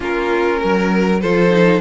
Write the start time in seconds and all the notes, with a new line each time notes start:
0.00 A#3 C#4 F4 A#4
0.59 F#3 A#4
1.20 F3 F4 A4 C5
1.50 D#4